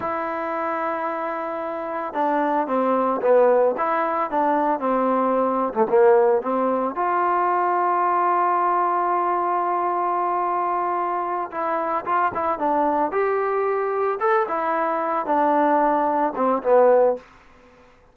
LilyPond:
\new Staff \with { instrumentName = "trombone" } { \time 4/4 \tempo 4 = 112 e'1 | d'4 c'4 b4 e'4 | d'4 c'4.~ c'16 a16 ais4 | c'4 f'2.~ |
f'1~ | f'4. e'4 f'8 e'8 d'8~ | d'8 g'2 a'8 e'4~ | e'8 d'2 c'8 b4 | }